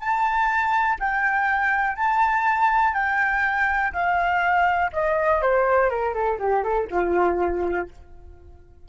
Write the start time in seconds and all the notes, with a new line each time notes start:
0.00 A5
0.99 G5
1.96 A5
2.94 G5
3.93 F5
4.93 D#5
5.42 C5
5.90 A#4
6.14 A4
6.39 G4
6.63 A4
6.90 F4